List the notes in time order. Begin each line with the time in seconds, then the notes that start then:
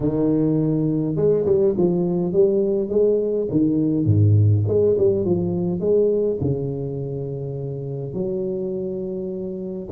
0.00 D#3
1.16 G#3
1.45 G3
1.77 F3
2.32 G3
2.89 G#3
3.50 D#3
4.05 G#2
4.67 G#3
4.98 G3
5.24 F3
5.80 G#3
6.41 C#3
8.13 F#3